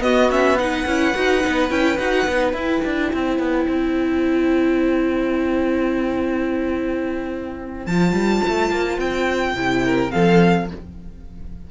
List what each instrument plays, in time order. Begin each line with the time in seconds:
0.00 viola B3, cello B3, violin F#4 D#5
0.30 viola C#4, violin E5
0.58 viola D#4, violin B4 F#5
0.86 cello C#4, viola E4
1.14 cello D#4, viola F#4
1.41 viola D#4
1.47 cello B3
1.69 cello C#4, viola E4, violin G5
1.98 cello D#4, viola F#4, violin F#5
2.27 cello B3, viola D#4
2.53 cello E4, viola E4, violin G5
2.84 cello D4
3.08 cello C4, violin C5
3.39 cello B3
3.68 cello C4
7.87 cello F3, viola F4, violin A5
8.13 cello G3
8.48 cello A3
8.70 cello A#3
8.98 cello C4, violin G5
9.54 cello C3, viola E4
9.85 violin A#4
10.10 cello F3, viola C4, violin A4 F5